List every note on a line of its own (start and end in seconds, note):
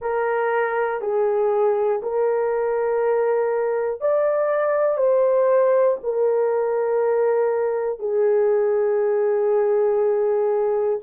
0.00 1.00 A#4
1.00 2.00 G#4
2.02 4.00 A#4
4.00 4.97 D5
4.97 5.97 C5
6.03 7.99 A#4
7.99 10.99 G#4